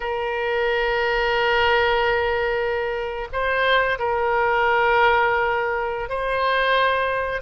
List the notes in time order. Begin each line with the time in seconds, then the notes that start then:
0.00 A#4
3.32 C5
3.98 A#4
6.09 C5